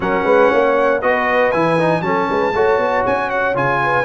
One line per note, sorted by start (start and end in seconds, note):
0.00 0.23 F#3
0.00 1.02 C#4
0.00 0.24 A#4
0.00 1.01 F#5
0.23 0.49 G#3
0.23 0.49 B4
0.49 1.02 A#3
0.49 1.00 C#5
1.01 1.53 B3
1.01 1.52 F#4
1.01 2.02 B4
1.01 1.51 D#5
1.51 2.01 E3
1.51 1.78 E4
1.51 2.01 G#5
1.78 2.03 D#4
2.01 2.26 F#3
2.01 2.53 C#4
2.01 2.28 A4
2.01 3.03 A5
2.28 2.54 G#3
2.28 2.53 B4
2.54 2.78 A3
2.54 3.54 F#4
2.54 3.82 C#5
2.78 3.03 B3
3.06 3.54 C#4
3.06 3.30 G#5
3.30 3.55 F#5
3.54 4.04 C#3
3.54 4.04 F4
3.54 4.04 G#5
3.83 4.04 B4